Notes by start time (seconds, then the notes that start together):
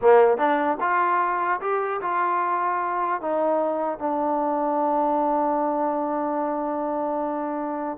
0.01 A#3
0.37 D4
0.80 F4
1.60 G4
2.01 F4
3.21 D#4
3.99 D4